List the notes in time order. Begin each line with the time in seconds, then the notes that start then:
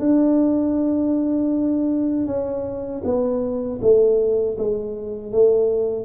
0.00 D4
2.26 C#4
3.04 B3
3.82 A3
4.58 G#3
5.32 A3